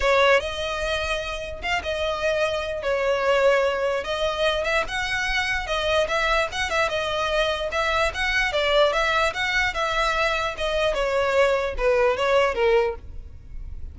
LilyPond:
\new Staff \with { instrumentName = "violin" } { \time 4/4 \tempo 4 = 148 cis''4 dis''2. | f''8 dis''2~ dis''8 cis''4~ | cis''2 dis''4. e''8 | fis''2 dis''4 e''4 |
fis''8 e''8 dis''2 e''4 | fis''4 d''4 e''4 fis''4 | e''2 dis''4 cis''4~ | cis''4 b'4 cis''4 ais'4 | }